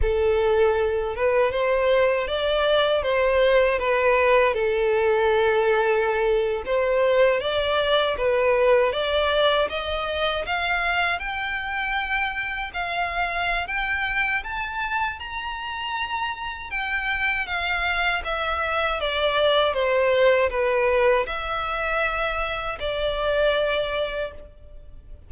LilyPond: \new Staff \with { instrumentName = "violin" } { \time 4/4 \tempo 4 = 79 a'4. b'8 c''4 d''4 | c''4 b'4 a'2~ | a'8. c''4 d''4 b'4 d''16~ | d''8. dis''4 f''4 g''4~ g''16~ |
g''8. f''4~ f''16 g''4 a''4 | ais''2 g''4 f''4 | e''4 d''4 c''4 b'4 | e''2 d''2 | }